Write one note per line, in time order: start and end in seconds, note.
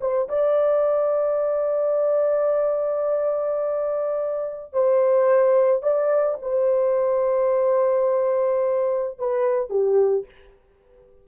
0.00 0.28 C5
0.28 4.72 D5
4.73 5.82 C5
5.82 6.38 D5
6.41 9.18 C5
9.18 9.69 B4
9.69 10.25 G4